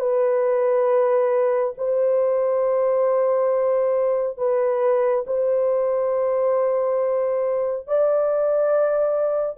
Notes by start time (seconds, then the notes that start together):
0.00 B4
1.78 C5
4.38 B4
5.27 C5
7.87 D5